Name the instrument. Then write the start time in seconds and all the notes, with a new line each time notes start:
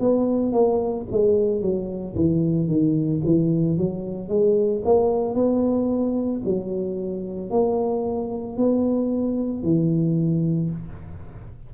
tuba
0.00 B3
0.53 A#3
1.12 G#3
1.62 F#3
2.16 E3
2.68 D#3
3.25 E3
3.78 F#3
4.29 G#3
4.85 A#3
5.35 B3
6.45 F#3
7.50 A#3
8.58 B3
9.63 E3